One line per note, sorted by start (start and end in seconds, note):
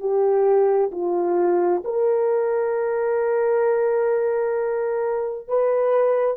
0.00 0.91 G4
0.92 1.83 F4
1.84 5.48 A#4
5.48 6.37 B4